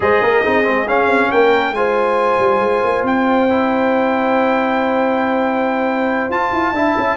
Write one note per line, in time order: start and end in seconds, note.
0.00 0.20 G#3
0.00 0.43 G#4
0.00 0.23 C5
0.00 0.88 D#5
0.21 0.43 A#3
0.21 0.42 A#4
0.42 0.67 C4
0.42 0.64 D#4
0.42 1.29 G#4
0.64 0.88 G#3
0.64 0.86 C4
0.88 1.75 C#4
0.88 1.07 C#4
0.88 1.31 F5
1.07 1.28 C4
1.31 1.71 A#3
1.31 1.75 A#4
1.31 1.73 G5
1.71 2.36 G#3
1.71 3.49 F4
1.71 6.74 C5
1.71 3.04 G#5
2.38 2.59 G3
2.59 2.81 G#3
2.83 3.03 A#3
3.03 6.29 C4
3.03 6.31 G5
3.49 6.31 E4
6.29 6.51 F4
6.29 6.74 F4
6.29 7.16 A5
6.52 6.73 E4
6.73 6.94 D4
6.73 7.16 E4
6.73 7.16 E5
6.97 7.16 C#4